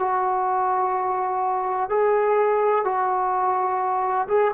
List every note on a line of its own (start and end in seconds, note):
0.00 1.90 F#4
1.90 2.85 G#4
2.85 4.28 F#4
4.28 4.52 G#4